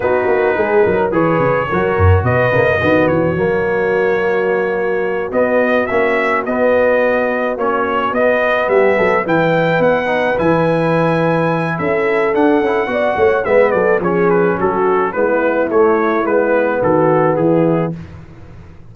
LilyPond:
<<
  \new Staff \with { instrumentName = "trumpet" } { \time 4/4 \tempo 4 = 107 b'2 cis''2 | dis''4. cis''2~ cis''8~ | cis''4. dis''4 e''4 dis''8~ | dis''4. cis''4 dis''4 e''8~ |
e''8 g''4 fis''4 gis''4.~ | gis''4 e''4 fis''2 | e''8 d''8 cis''8 b'8 a'4 b'4 | cis''4 b'4 a'4 gis'4 | }
  \new Staff \with { instrumentName = "horn" } { \time 4/4 fis'4 gis'8 ais'8 b'4 ais'4 | b'4 fis'2.~ | fis'1~ | fis'2.~ fis'8 g'8 |
a'8 b'2.~ b'8~ | b'4 a'2 d''8 cis''8 | b'8 a'8 gis'4 fis'4 e'4~ | e'2 fis'4 e'4 | }
  \new Staff \with { instrumentName = "trombone" } { \time 4/4 dis'2 gis'4 fis'4~ | fis'8 ais8 b4 ais2~ | ais4. b4 cis'4 b8~ | b4. cis'4 b4.~ |
b8 e'4. dis'8 e'4.~ | e'2 d'8 e'8 fis'4 | b4 cis'2 b4 | a4 b2. | }
  \new Staff \with { instrumentName = "tuba" } { \time 4/4 b8 ais8 gis8 fis8 e8 cis8 fis8 fis,8 | b,8 cis8 dis8 e8 fis2~ | fis4. b4 ais4 b8~ | b4. ais4 b4 g8 |
fis8 e4 b4 e4.~ | e4 cis'4 d'8 cis'8 b8 a8 | gis8 fis8 f4 fis4 gis4 | a4 gis4 dis4 e4 | }
>>